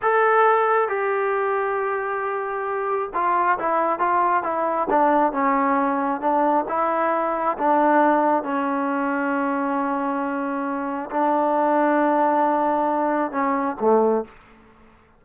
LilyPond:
\new Staff \with { instrumentName = "trombone" } { \time 4/4 \tempo 4 = 135 a'2 g'2~ | g'2. f'4 | e'4 f'4 e'4 d'4 | cis'2 d'4 e'4~ |
e'4 d'2 cis'4~ | cis'1~ | cis'4 d'2.~ | d'2 cis'4 a4 | }